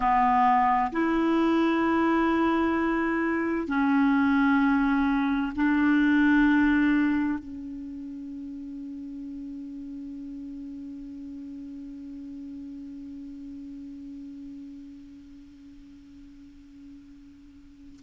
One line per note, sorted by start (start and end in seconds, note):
0.00 0.91 B3
0.92 3.67 E4
3.67 5.52 C#4
5.56 7.38 D4
7.38 18.00 C#4